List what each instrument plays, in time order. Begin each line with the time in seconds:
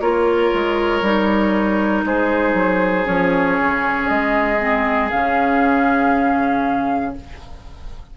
0.00 bassoon A#3, clarinet F4, oboe A#4, flute C#5
0.53 bassoon G#3
1.01 bassoon G3, clarinet D#4
2.05 bassoon G#3, oboe G#4, flute C5
2.54 bassoon F#3
3.05 bassoon F3, clarinet C#4, flute C#5
3.60 bassoon C#3
4.08 bassoon G#3, flute D#5
4.59 clarinet C4
5.10 bassoon C#3, clarinet C#4, flute F5